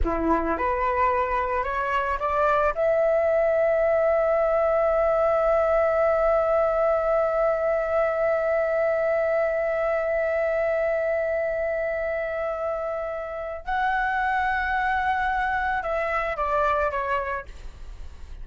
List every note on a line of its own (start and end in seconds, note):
0.03 0.57 E4
0.57 1.63 B4
1.63 2.18 C#5
2.19 2.73 D5
2.74 13.65 E5
13.65 15.82 F#5
15.82 16.36 E5
16.36 16.91 D5
16.91 17.45 C#5